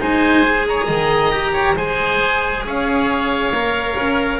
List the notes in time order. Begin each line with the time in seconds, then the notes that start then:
0.00 G#3 D#4 C5 G#5
0.44 G#4
0.69 C#5 A#5
0.85 D#3 D#5
1.32 G4
1.53 C#5
1.76 G#3 G#4 C5 G#5
2.66 C#4 C#5 F5
3.51 A#3 A#4
3.97 C#4